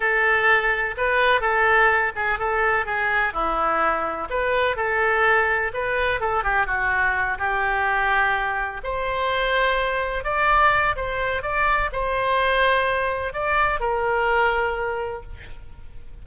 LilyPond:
\new Staff \with { instrumentName = "oboe" } { \time 4/4 \tempo 4 = 126 a'2 b'4 a'4~ | a'8 gis'8 a'4 gis'4 e'4~ | e'4 b'4 a'2 | b'4 a'8 g'8 fis'4. g'8~ |
g'2~ g'8 c''4.~ | c''4. d''4. c''4 | d''4 c''2. | d''4 ais'2. | }